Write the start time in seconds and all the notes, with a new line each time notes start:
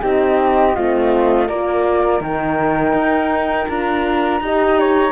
0.00 C4 D#4 G4 D#5
0.74 A3 C4 F4
1.47 A#3 F4 A#4 D5
2.20 D#3 D#4 G5
2.93 D#4
3.68 D4 F4 A#5
4.40 D#4 G4 D#5
4.79 C#5